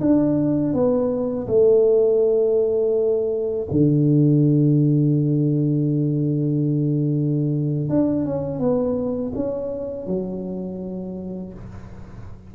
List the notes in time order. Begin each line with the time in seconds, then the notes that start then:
0.00 D4
0.73 B3
1.47 A3
3.71 D3
7.89 D4
8.25 C#4
8.59 B3
9.35 C#4
10.06 F#3